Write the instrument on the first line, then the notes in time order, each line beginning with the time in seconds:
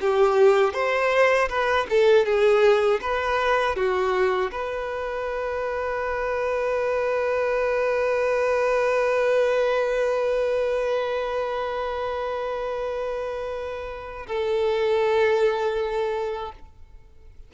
violin
0.00 G4
0.73 C5
1.49 B4
1.90 A4
2.25 G#4
3.01 B4
3.76 F#4
4.51 B4
14.27 A4